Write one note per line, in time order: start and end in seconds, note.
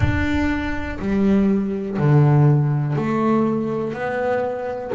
0.00 0.98 D4
0.99 1.97 G3
1.98 2.95 D3
2.95 3.93 A3
3.93 4.91 B3